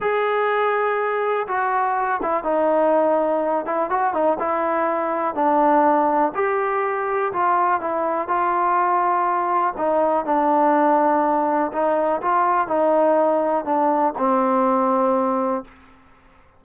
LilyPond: \new Staff \with { instrumentName = "trombone" } { \time 4/4 \tempo 4 = 123 gis'2. fis'4~ | fis'8 e'8 dis'2~ dis'8 e'8 | fis'8 dis'8 e'2 d'4~ | d'4 g'2 f'4 |
e'4 f'2. | dis'4 d'2. | dis'4 f'4 dis'2 | d'4 c'2. | }